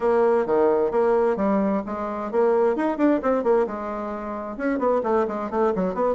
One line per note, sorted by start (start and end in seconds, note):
0.00 0.45 A#3
0.46 0.91 D#3
0.91 1.36 A#3
1.36 1.82 G3
1.85 2.31 G#3
2.31 2.76 A#3
2.76 2.97 D#4
2.97 3.20 D4
3.22 3.43 C4
3.43 3.66 A#3
3.66 4.57 G#3
4.57 4.78 C#4
4.78 5.01 B3
5.03 5.26 A3
5.27 5.50 G#3
5.50 5.73 A3
5.75 5.94 F#3
5.94 6.15 B3